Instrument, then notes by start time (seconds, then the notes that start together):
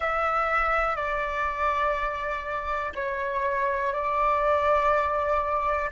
flute
0.00 E5
0.96 D5
2.95 C#5
3.93 D5